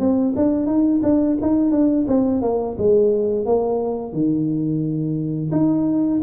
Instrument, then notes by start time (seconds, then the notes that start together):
tuba
0.00 C4
0.37 D4
0.67 D#4
1.03 D4
1.42 D#4
1.72 D4
2.08 C4
2.42 A#3
2.79 G#3
3.46 A#3
4.13 D#3
5.52 D#4